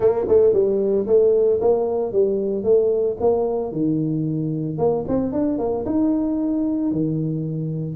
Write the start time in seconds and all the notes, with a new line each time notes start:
0.00 A#3
0.28 A3
0.53 G3
1.06 A3
1.60 A#3
2.12 G3
2.63 A3
3.20 A#3
3.72 D#3
4.78 A#3
5.08 C4
5.32 D4
5.58 A#3
5.85 D#4
6.91 D#3